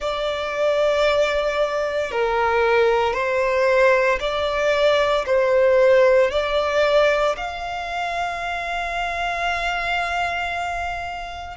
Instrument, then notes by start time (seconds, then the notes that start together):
violin
0.00 D5
2.11 A#4
3.13 C5
4.20 D5
5.26 C5
6.31 D5
7.36 F5